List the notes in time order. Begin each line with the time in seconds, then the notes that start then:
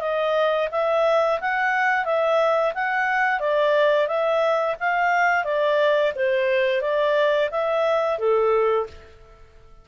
0.00 D#5
0.71 E5
1.40 F#5
2.05 E5
2.74 F#5
3.40 D5
4.07 E5
4.79 F5
5.44 D5
6.15 C5
6.81 D5
7.51 E5
8.18 A4